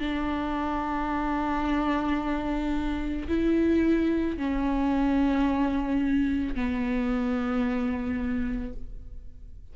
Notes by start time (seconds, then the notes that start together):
0.00 D4
3.28 E4
4.37 C#4
6.55 B3